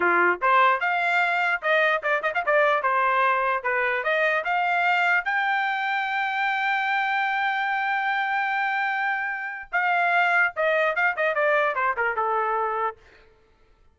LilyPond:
\new Staff \with { instrumentName = "trumpet" } { \time 4/4 \tempo 4 = 148 f'4 c''4 f''2 | dis''4 d''8 dis''16 f''16 d''4 c''4~ | c''4 b'4 dis''4 f''4~ | f''4 g''2.~ |
g''1~ | g''1 | f''2 dis''4 f''8 dis''8 | d''4 c''8 ais'8 a'2 | }